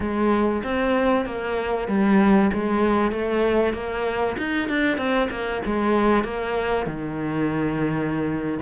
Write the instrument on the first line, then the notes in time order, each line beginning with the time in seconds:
cello
0.00 G#3
0.63 C4
1.25 A#3
1.88 G3
2.53 G#3
3.11 A3
3.73 A#3
4.37 D#4
4.68 D4
4.97 C4
5.30 A#3
5.65 G#3
6.24 A#3
6.86 D#3